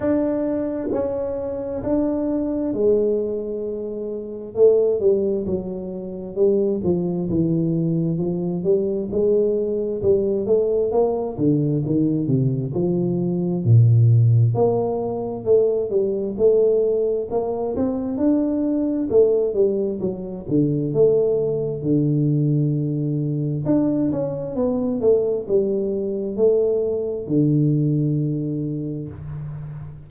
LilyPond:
\new Staff \with { instrumentName = "tuba" } { \time 4/4 \tempo 4 = 66 d'4 cis'4 d'4 gis4~ | gis4 a8 g8 fis4 g8 f8 | e4 f8 g8 gis4 g8 a8 | ais8 d8 dis8 c8 f4 ais,4 |
ais4 a8 g8 a4 ais8 c'8 | d'4 a8 g8 fis8 d8 a4 | d2 d'8 cis'8 b8 a8 | g4 a4 d2 | }